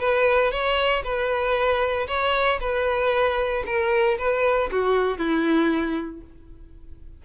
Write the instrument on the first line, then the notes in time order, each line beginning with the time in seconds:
violin
0.00 B4
0.52 C#5
1.04 B4
2.08 C#5
2.61 B4
3.67 A#4
4.19 B4
4.72 F#4
5.18 E4